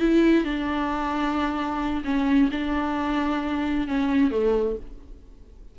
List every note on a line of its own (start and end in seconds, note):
0.00 0.45 E4
0.45 2.04 D4
2.05 2.50 C#4
2.52 3.88 D4
3.88 4.31 C#4
4.31 4.77 A3